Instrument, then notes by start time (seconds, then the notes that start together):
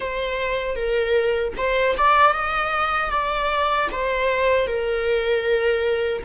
viola
0.00 C5
0.75 A#4
1.57 C5
1.97 D5
2.32 D#5
3.10 D5
3.91 C5
4.66 A#4